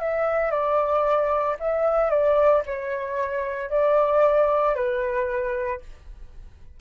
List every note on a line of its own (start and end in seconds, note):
0.00 0.51 E5
0.51 1.56 D5
1.60 2.10 E5
2.10 2.63 D5
2.66 3.70 C#5
3.70 4.75 D5
4.75 5.80 B4